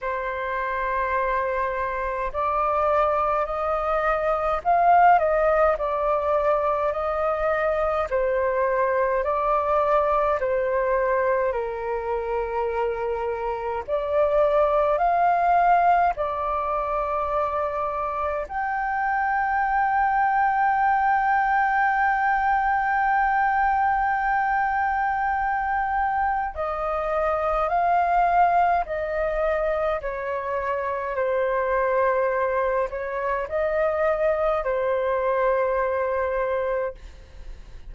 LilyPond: \new Staff \with { instrumentName = "flute" } { \time 4/4 \tempo 4 = 52 c''2 d''4 dis''4 | f''8 dis''8 d''4 dis''4 c''4 | d''4 c''4 ais'2 | d''4 f''4 d''2 |
g''1~ | g''2. dis''4 | f''4 dis''4 cis''4 c''4~ | c''8 cis''8 dis''4 c''2 | }